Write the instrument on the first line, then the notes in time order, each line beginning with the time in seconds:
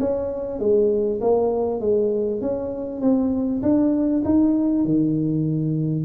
tuba
0.00 C#4
0.60 G#3
1.21 A#3
1.81 G#3
2.41 C#4
3.02 C4
3.63 D4
4.25 D#4
4.85 D#3